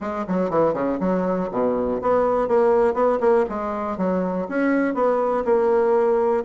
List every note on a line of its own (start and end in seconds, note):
0.00 0.25 G#3
0.27 0.50 F#3
0.50 0.73 E3
0.73 0.98 C#3
1.00 1.49 F#3
1.51 2.00 B2
2.01 2.48 B3
2.48 2.94 A#3
2.94 3.18 B3
3.20 3.45 A#3
3.49 3.97 G#3
3.97 4.47 F#3
4.49 4.94 C#4
4.94 5.44 B3
5.45 6.44 A#3